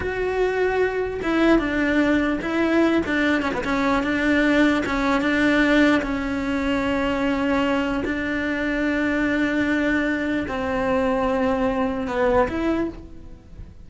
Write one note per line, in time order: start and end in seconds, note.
0.00 1.20 F#4
1.22 1.59 E4
1.59 2.39 D4
2.41 3.02 E4
3.06 3.41 D4
3.41 3.51 C#4
3.53 3.63 B3
3.64 4.03 C#4
4.03 4.83 D4
4.85 5.21 C#4
5.21 6.01 D4
6.02 8.03 C#4
8.04 10.46 D4
10.48 12.07 C4
12.07 12.47 B3
12.48 12.88 E4